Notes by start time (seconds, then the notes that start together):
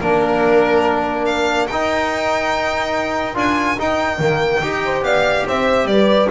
0.00 A#3 D4 A#4
1.25 F5
1.67 D#4 G5
3.34 D4 F4 G#5
3.78 D#4 G5
4.18 D#3 A#3
4.62 D#4 G4
4.84 C5
5.02 B3 D5 F5
5.47 C4 C5 E5
5.85 G3 B4 D5